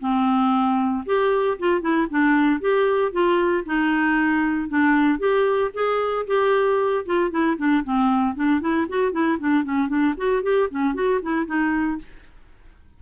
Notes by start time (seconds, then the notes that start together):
0.00 C4
1.06 G4
1.59 F4
1.81 E4
2.10 D4
2.60 G4
3.12 F4
3.65 D#4
4.69 D4
5.19 G4
5.74 G#4
6.27 G4
7.06 F4
7.31 E4
7.57 D4
7.84 C4
8.35 D4
8.61 E4
8.89 F#4
9.12 E4
9.39 D4
9.64 C#4
9.88 D4
10.17 F#4
10.43 G4
10.70 C#4
10.94 F#4
11.22 E4
11.46 D#4